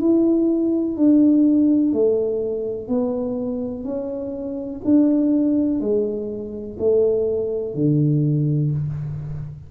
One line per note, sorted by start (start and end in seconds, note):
0.00 0.97 E4
0.97 1.93 D4
1.93 2.88 A3
2.88 3.84 B3
3.84 4.81 C#4
4.84 5.80 D4
5.80 6.77 G#3
6.79 7.74 A3
7.74 8.71 D3